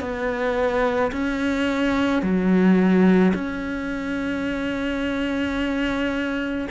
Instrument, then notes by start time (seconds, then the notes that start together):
cello
0.00 B3
1.12 C#4
2.22 F#3
3.34 C#4